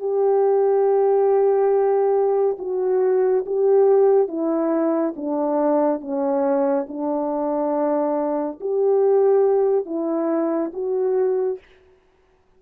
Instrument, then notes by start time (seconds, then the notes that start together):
horn
0.00 G4
2.59 F#4
3.46 G4
4.29 E4
5.16 D4
6.01 C#4
6.88 D4
8.61 G4
9.86 E4
10.73 F#4